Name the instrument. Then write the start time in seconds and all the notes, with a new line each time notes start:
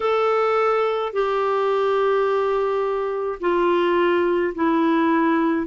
clarinet
0.00 A4
1.12 G4
3.40 F4
4.54 E4